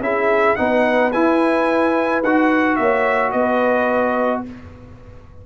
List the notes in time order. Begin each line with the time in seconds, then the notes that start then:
0.00 C#4 E4 G#4 E5
0.56 B3 D#4 B4 F#5
1.12 E4 G#5
2.23 D#4 F#4 F#5
2.76 A#3 C#5 E5
3.31 B3 B4 D#5